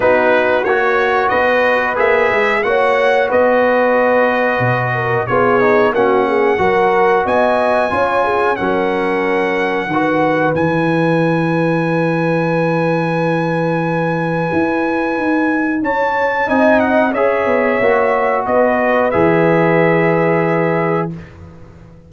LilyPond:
<<
  \new Staff \with { instrumentName = "trumpet" } { \time 4/4 \tempo 4 = 91 b'4 cis''4 dis''4 e''4 | fis''4 dis''2. | cis''4 fis''2 gis''4~ | gis''4 fis''2. |
gis''1~ | gis''1 | a''4 gis''8 fis''8 e''2 | dis''4 e''2. | }
  \new Staff \with { instrumentName = "horn" } { \time 4/4 fis'2 b'2 | cis''4 b'2~ b'8 ais'8 | gis'4 fis'8 gis'8 ais'4 dis''4 | cis''8 gis'8 ais'2 b'4~ |
b'1~ | b'1 | cis''4 dis''4 cis''2 | b'1 | }
  \new Staff \with { instrumentName = "trombone" } { \time 4/4 dis'4 fis'2 gis'4 | fis'1 | f'8 dis'8 cis'4 fis'2 | f'4 cis'2 fis'4 |
e'1~ | e'1~ | e'4 dis'4 gis'4 fis'4~ | fis'4 gis'2. | }
  \new Staff \with { instrumentName = "tuba" } { \time 4/4 b4 ais4 b4 ais8 gis8 | ais4 b2 b,4 | b4 ais4 fis4 b4 | cis'4 fis2 dis4 |
e1~ | e2 e'4 dis'4 | cis'4 c'4 cis'8 b8 ais4 | b4 e2. | }
>>